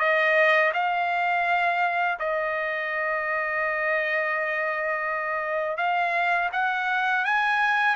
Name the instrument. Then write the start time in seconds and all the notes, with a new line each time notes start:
trumpet
0.00 D#5
0.74 F5
2.19 D#5
5.78 F5
6.53 F#5
7.25 G#5